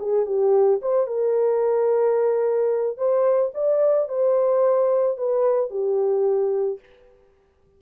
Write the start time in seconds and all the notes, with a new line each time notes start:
0.00 G#4
0.26 G4
0.82 C5
1.08 A#4
2.98 C5
3.55 D5
4.09 C5
5.18 B4
5.71 G4